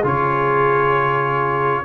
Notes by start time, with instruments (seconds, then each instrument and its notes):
0.00 tuba C#3, trombone F4, horn G#4
0.07 trumpet C#5